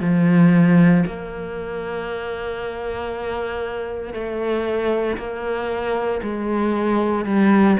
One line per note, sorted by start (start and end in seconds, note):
0.00 1.03 F3
1.06 4.13 A#3
4.13 5.16 A3
5.17 6.20 A#3
6.22 7.25 G#3
7.25 7.77 G3